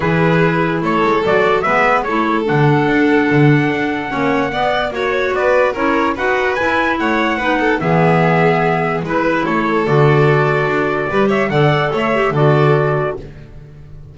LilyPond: <<
  \new Staff \with { instrumentName = "trumpet" } { \time 4/4 \tempo 4 = 146 b'2 cis''4 d''4 | e''4 cis''4 fis''2~ | fis''1 | cis''4 d''4 cis''4 fis''4 |
gis''4 fis''2 e''4~ | e''2 b'4 cis''4 | d''2.~ d''8 e''8 | fis''4 e''4 d''2 | }
  \new Staff \with { instrumentName = "violin" } { \time 4/4 gis'2 a'2 | b'4 a'2.~ | a'2 cis''4 d''4 | cis''4 b'4 ais'4 b'4~ |
b'4 cis''4 b'8 a'8 gis'4~ | gis'2 b'4 a'4~ | a'2. b'8 cis''8 | d''4 cis''4 a'2 | }
  \new Staff \with { instrumentName = "clarinet" } { \time 4/4 e'2. fis'4 | b4 e'4 d'2~ | d'2 cis'4 b4 | fis'2 e'4 fis'4 |
e'2 dis'4 b4~ | b2 e'2 | fis'2. g'4 | a'4. g'8 fis'2 | }
  \new Staff \with { instrumentName = "double bass" } { \time 4/4 e2 a8 gis8 fis4 | gis4 a4 d4 d'4 | d4 d'4 ais4 b4 | ais4 b4 cis'4 dis'4 |
e'4 a4 b4 e4~ | e2 gis4 a4 | d2 d'4 g4 | d4 a4 d2 | }
>>